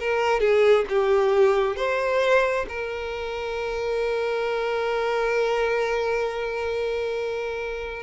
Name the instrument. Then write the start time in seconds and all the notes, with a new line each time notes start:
violin
0.00 A#4
0.40 G#4
0.90 G4
1.77 C5
2.69 A#4